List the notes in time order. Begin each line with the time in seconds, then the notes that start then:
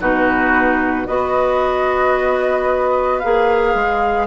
0.00 B2 D#4 F#4 B4
1.06 B3 F#4 B4 D#5
3.19 A#3 G#4 F5
3.75 G#3